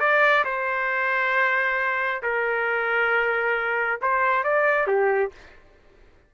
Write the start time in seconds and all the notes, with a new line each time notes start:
0.00 D5
0.45 C5
2.23 A#4
4.02 C5
4.44 D5
4.87 G4